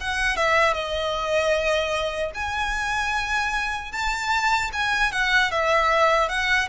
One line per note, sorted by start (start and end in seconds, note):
0.00 0.36 F#5
0.36 0.73 E5
0.73 2.31 D#5
2.34 3.92 G#5
3.92 4.70 A5
4.72 5.11 G#5
5.11 5.51 F#5
5.51 6.28 E5
6.28 6.68 F#5